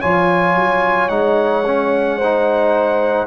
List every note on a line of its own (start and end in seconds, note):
0.00 0.55 F3
0.00 1.09 F4
0.00 2.17 C#5
0.00 1.08 G#5
0.55 1.09 F#3
1.08 3.27 G#3
1.08 1.64 D#4
1.08 3.26 F#5
1.66 2.20 C#4
2.17 3.26 C5
2.23 3.27 D#4